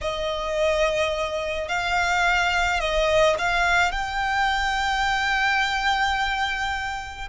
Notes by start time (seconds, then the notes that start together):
0.01 D#5
1.68 F5
2.79 D#5
3.38 F5
3.91 G5